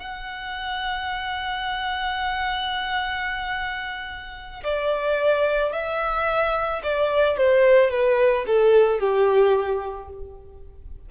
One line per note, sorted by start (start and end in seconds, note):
0.00 4.64 F#5
4.64 5.73 D5
5.73 6.82 E5
6.84 7.38 D5
7.38 7.91 C5
7.91 8.45 B4
8.47 9.00 A4
9.00 10.09 G4